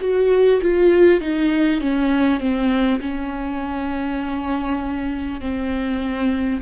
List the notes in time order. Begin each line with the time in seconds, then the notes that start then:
0.00 F#4
0.62 F4
1.21 D#4
1.81 C#4
2.39 C4
3.00 C#4
5.40 C4